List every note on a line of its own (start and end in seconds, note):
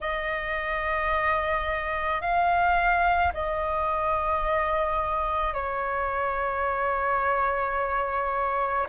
0.00 2.21 D#5
2.21 3.32 F5
3.33 5.53 D#5
5.53 8.86 C#5